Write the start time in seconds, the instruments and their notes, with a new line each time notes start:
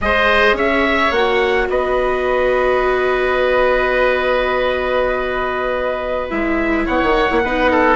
0.01 bassoon G#3, viola G#4, oboe C5, trumpet D#5
0.53 bassoon C#4, oboe C#5, trumpet E5
1.11 bassoon A#3, viola F#4, trumpet F#5
1.68 bassoon B3, oboe B4, trumpet D#5
6.30 bassoon G#3, viola E4, trumpet E5
6.85 bassoon B3, oboe C#5, trumpet F#5
7.02 bassoon D#3
7.12 viola D#4
7.29 bassoon A#3, viola E4
7.43 bassoon B3, viola D#4, oboe B4
7.71 oboe A4